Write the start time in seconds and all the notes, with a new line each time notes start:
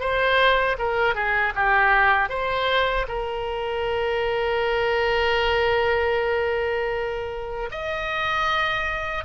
0.00 C5
0.78 A#4
1.15 G#4
1.55 G4
2.29 C5
3.08 A#4
7.71 D#5